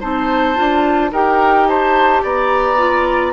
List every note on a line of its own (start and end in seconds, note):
0.00 0.58 C4
0.00 0.55 D#4
0.00 1.11 C5
0.00 1.12 A5
0.55 1.12 D4
0.55 1.10 F4
1.12 2.23 D#4
1.12 2.78 G4
1.12 1.68 A#4
1.12 1.69 G5
1.69 2.23 C5
1.69 2.24 A5
2.23 3.33 B3
2.23 3.33 D5
2.23 3.33 A#5
2.78 3.33 F4